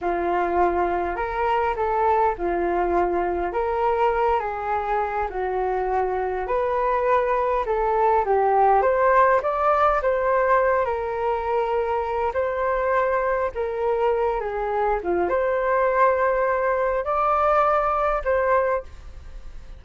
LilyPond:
\new Staff \with { instrumentName = "flute" } { \time 4/4 \tempo 4 = 102 f'2 ais'4 a'4 | f'2 ais'4. gis'8~ | gis'4 fis'2 b'4~ | b'4 a'4 g'4 c''4 |
d''4 c''4. ais'4.~ | ais'4 c''2 ais'4~ | ais'8 gis'4 f'8 c''2~ | c''4 d''2 c''4 | }